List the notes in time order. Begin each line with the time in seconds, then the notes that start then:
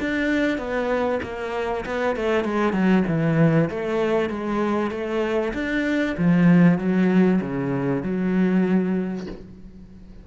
0.00 D4
0.58 B3
1.23 A#3
1.85 B3
2.16 A3
2.44 G#3
2.72 F#3
3.08 E3
3.70 A3
4.30 G#3
4.91 A3
5.53 D4
6.18 F3
6.78 F#3
7.41 C#3
8.03 F#3